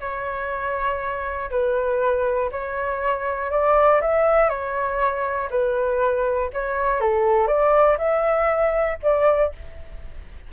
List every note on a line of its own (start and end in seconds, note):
0.00 1.50 C#5
1.50 2.50 B4
2.52 3.50 C#5
3.50 4.00 D5
4.01 4.49 E5
4.49 5.49 C#5
5.50 6.50 B4
6.53 7.00 C#5
7.00 7.47 A4
7.47 7.97 D5
7.98 8.98 E5
9.02 9.52 D5